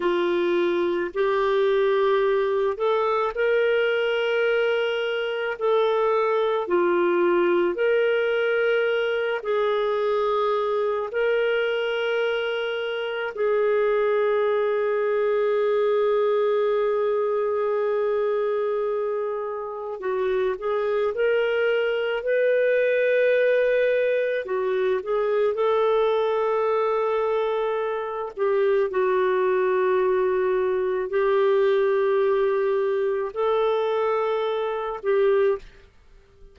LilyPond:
\new Staff \with { instrumentName = "clarinet" } { \time 4/4 \tempo 4 = 54 f'4 g'4. a'8 ais'4~ | ais'4 a'4 f'4 ais'4~ | ais'8 gis'4. ais'2 | gis'1~ |
gis'2 fis'8 gis'8 ais'4 | b'2 fis'8 gis'8 a'4~ | a'4. g'8 fis'2 | g'2 a'4. g'8 | }